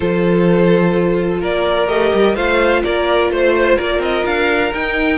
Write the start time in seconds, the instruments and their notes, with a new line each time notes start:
0.00 cello F3, viola F4, violin A4 C5
1.40 cello A#3, violin A#4 D5
1.87 cello A3, viola G4, violin D#5
2.13 cello G3
2.35 cello A3, viola F4, violin C5 F5
2.83 cello A#3, violin A#4 D5
3.30 cello A3, violin C5
3.76 cello A#3, violin A#4 D5
3.98 cello C4, violin D#5
4.25 cello D4, violin F5
4.73 cello D#4, viola D#4, violin G5